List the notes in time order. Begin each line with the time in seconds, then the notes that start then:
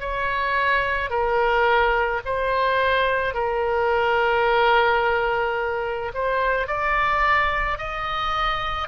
0.00 C#5
1.10 A#4
2.25 C5
3.34 A#4
6.14 C5
6.67 D5
7.78 D#5